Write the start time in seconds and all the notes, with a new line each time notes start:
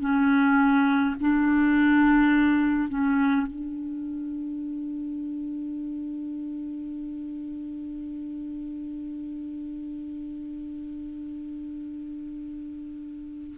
0.00 C#4
1.20 D4
2.89 C#4
3.47 D4